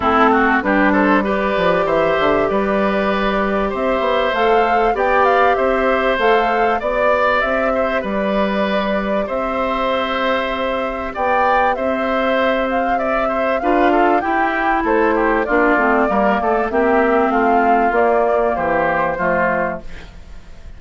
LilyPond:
<<
  \new Staff \with { instrumentName = "flute" } { \time 4/4 \tempo 4 = 97 a'4 b'8 c''8 d''4 e''4 | d''2 e''4 f''4 | g''8 f''8 e''4 f''4 d''4 | e''4 d''2 e''4~ |
e''2 g''4 e''4~ | e''8 f''8 e''4 f''4 g''4 | c''4 d''2 e''4 | f''4 d''4 c''2 | }
  \new Staff \with { instrumentName = "oboe" } { \time 4/4 e'8 fis'8 g'8 a'8 b'4 c''4 | b'2 c''2 | d''4 c''2 d''4~ | d''8 c''8 b'2 c''4~ |
c''2 d''4 c''4~ | c''4 d''8 c''8 b'8 a'8 g'4 | a'8 g'8 f'4 ais'8 a'8 g'4 | f'2 g'4 f'4 | }
  \new Staff \with { instrumentName = "clarinet" } { \time 4/4 c'4 d'4 g'2~ | g'2. a'4 | g'2 a'4 g'4~ | g'1~ |
g'1~ | g'2 f'4 e'4~ | e'4 d'8 c'8 ais4 c'4~ | c'4 ais2 a4 | }
  \new Staff \with { instrumentName = "bassoon" } { \time 4/4 a4 g4. f8 e8 d8 | g2 c'8 b8 a4 | b4 c'4 a4 b4 | c'4 g2 c'4~ |
c'2 b4 c'4~ | c'2 d'4 e'4 | a4 ais8 a8 g8 a8 ais4 | a4 ais4 e4 f4 | }
>>